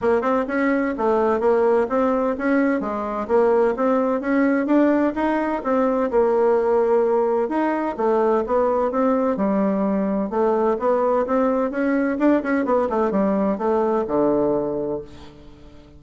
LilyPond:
\new Staff \with { instrumentName = "bassoon" } { \time 4/4 \tempo 4 = 128 ais8 c'8 cis'4 a4 ais4 | c'4 cis'4 gis4 ais4 | c'4 cis'4 d'4 dis'4 | c'4 ais2. |
dis'4 a4 b4 c'4 | g2 a4 b4 | c'4 cis'4 d'8 cis'8 b8 a8 | g4 a4 d2 | }